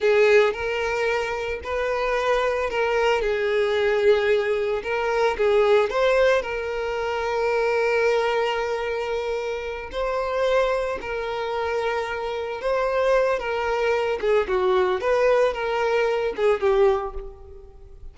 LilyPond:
\new Staff \with { instrumentName = "violin" } { \time 4/4 \tempo 4 = 112 gis'4 ais'2 b'4~ | b'4 ais'4 gis'2~ | gis'4 ais'4 gis'4 c''4 | ais'1~ |
ais'2~ ais'8 c''4.~ | c''8 ais'2. c''8~ | c''4 ais'4. gis'8 fis'4 | b'4 ais'4. gis'8 g'4 | }